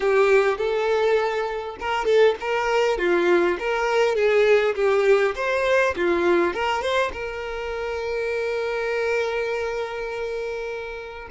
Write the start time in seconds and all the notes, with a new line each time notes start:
0.00 G4
0.57 A4
1.79 A#4
2.05 A4
2.40 A#4
2.98 F4
3.59 A#4
4.15 G#4
4.75 G4
5.35 C5
5.96 F4
6.53 A#4
6.82 C5
7.12 A#4